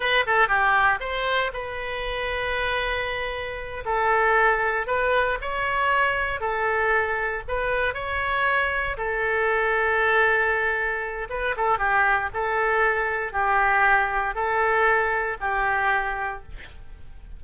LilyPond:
\new Staff \with { instrumentName = "oboe" } { \time 4/4 \tempo 4 = 117 b'8 a'8 g'4 c''4 b'4~ | b'2.~ b'8 a'8~ | a'4. b'4 cis''4.~ | cis''8 a'2 b'4 cis''8~ |
cis''4. a'2~ a'8~ | a'2 b'8 a'8 g'4 | a'2 g'2 | a'2 g'2 | }